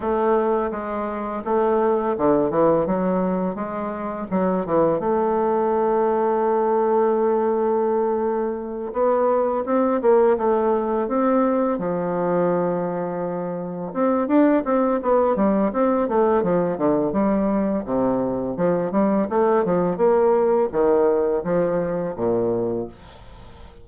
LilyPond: \new Staff \with { instrumentName = "bassoon" } { \time 4/4 \tempo 4 = 84 a4 gis4 a4 d8 e8 | fis4 gis4 fis8 e8 a4~ | a1~ | a8 b4 c'8 ais8 a4 c'8~ |
c'8 f2. c'8 | d'8 c'8 b8 g8 c'8 a8 f8 d8 | g4 c4 f8 g8 a8 f8 | ais4 dis4 f4 ais,4 | }